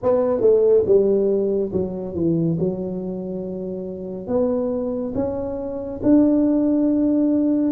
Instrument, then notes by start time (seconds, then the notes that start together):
tuba
0.02 B3
0.41 A3
0.86 G3
1.72 F#3
2.14 E3
2.59 F#3
4.27 B3
5.14 C#4
6.02 D4